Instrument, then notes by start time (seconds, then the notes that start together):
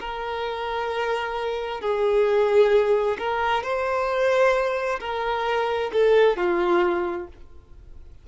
violin
0.00 A#4
1.81 G#4
3.19 A#4
3.63 C5
5.00 A#4
5.93 A4
6.37 F4